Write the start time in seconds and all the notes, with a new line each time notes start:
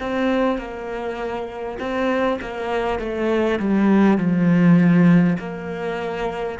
0.00 C4
0.58 A#3
1.79 C4
2.41 A#3
2.99 A3
3.59 G3
4.18 F3
5.39 A#3